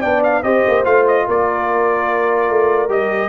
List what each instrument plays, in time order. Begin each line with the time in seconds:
0.00 tuba B3, trombone D4, horn D5, trumpet G5
0.23 trumpet F5
0.42 tuba C4, trombone G4, horn C5, trumpet D#5
0.67 tuba A#3
0.84 tuba A3, trombone F4, trumpet F5
1.07 trumpet D#5
1.27 tuba A#3, horn A#4, trumpet D5
2.49 tuba A3
2.88 tuba G3, trombone G4, trumpet D#5